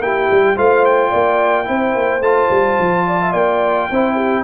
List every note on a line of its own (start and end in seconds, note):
0.00 0.28 A#3
0.00 0.56 E4
0.00 0.56 G4
0.00 0.57 G5
0.31 0.57 G3
0.56 1.12 A3
0.56 1.64 F4
0.56 1.09 C5
0.56 0.85 F5
0.85 2.22 G5
1.09 1.68 A#3
1.09 1.65 D5
1.64 1.95 C4
1.64 2.20 E4
1.64 3.06 C5
1.95 2.20 A#3
2.20 2.48 A3
2.20 3.91 F4
2.20 3.33 A5
2.50 2.78 G3
2.79 3.33 F3
3.06 3.20 D5
3.21 3.32 E5
3.32 3.89 A#3
3.32 3.88 D5
3.32 4.44 G5
3.90 4.44 C4
3.90 4.44 E4
3.90 4.15 C5
4.15 4.43 G4